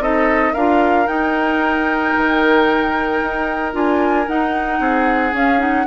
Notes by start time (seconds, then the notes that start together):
0.00 C4 D#4 A4 D#5
0.54 D4 F4 A#4 F5
1.07 D#4 G5
2.17 D#3
3.22 D#4
3.73 D4 F4 G#5
4.29 D#4 F#5
4.80 C4 G#4
5.33 C#4 F5
5.59 D#4 F#5